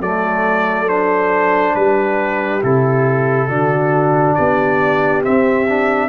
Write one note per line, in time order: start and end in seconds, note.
0.00 1.74 F#3
0.00 0.88 A3
0.00 1.74 A4
0.00 0.89 D5
0.88 2.62 D4
0.88 1.75 C5
1.75 2.63 G3
1.75 3.49 G4
1.75 2.62 B4
2.63 3.49 C3
2.63 3.49 E4
2.63 4.35 A4
3.49 4.36 D3
3.49 5.23 D4
3.49 4.36 F#4
4.35 5.26 B3
4.35 6.09 G4
4.35 5.22 D5
5.23 5.66 C4
5.23 6.09 C4
5.23 6.09 E5
5.69 6.09 D4